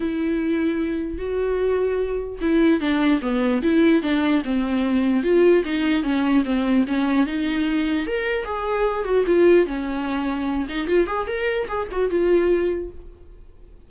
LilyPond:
\new Staff \with { instrumentName = "viola" } { \time 4/4 \tempo 4 = 149 e'2. fis'4~ | fis'2 e'4 d'4 | b4 e'4 d'4 c'4~ | c'4 f'4 dis'4 cis'4 |
c'4 cis'4 dis'2 | ais'4 gis'4. fis'8 f'4 | cis'2~ cis'8 dis'8 f'8 gis'8 | ais'4 gis'8 fis'8 f'2 | }